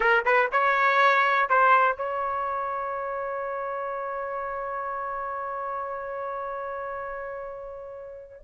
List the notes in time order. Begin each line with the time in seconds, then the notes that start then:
0.00 A#4
0.25 B4
0.51 C#5
1.49 C5
1.97 C#5